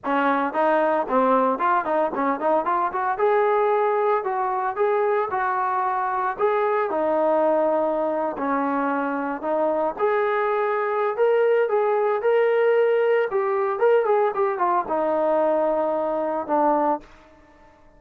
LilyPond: \new Staff \with { instrumentName = "trombone" } { \time 4/4 \tempo 4 = 113 cis'4 dis'4 c'4 f'8 dis'8 | cis'8 dis'8 f'8 fis'8 gis'2 | fis'4 gis'4 fis'2 | gis'4 dis'2~ dis'8. cis'16~ |
cis'4.~ cis'16 dis'4 gis'4~ gis'16~ | gis'4 ais'4 gis'4 ais'4~ | ais'4 g'4 ais'8 gis'8 g'8 f'8 | dis'2. d'4 | }